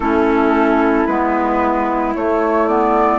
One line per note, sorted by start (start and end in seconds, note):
0.00 1.04 A3
0.00 1.08 C#4
0.00 3.18 E4
0.00 1.06 A4
1.06 2.14 G#3
1.06 2.15 B3
1.06 2.13 B4
2.14 3.18 A3
2.14 2.68 A3
2.14 2.67 C#5
2.67 3.18 B3
2.67 3.18 D5